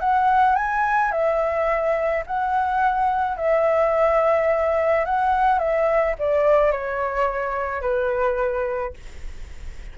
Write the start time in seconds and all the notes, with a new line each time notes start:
0.00 F#5
0.56 G#5
1.12 E5
2.27 F#5
3.37 E5
5.05 F#5
5.59 E5
6.19 D5
6.72 C#5
7.81 B4